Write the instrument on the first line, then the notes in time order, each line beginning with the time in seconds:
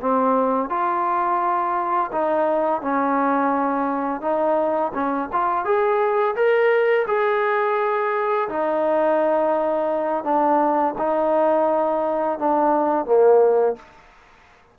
trombone
0.00 C4
0.69 F4
2.12 D#4
2.81 C#4
4.21 D#4
4.93 C#4
5.32 F4
5.64 G#4
6.35 A#4
7.07 G#4
8.48 D#4
10.24 D4
10.98 D#4
12.38 D4
13.05 A#3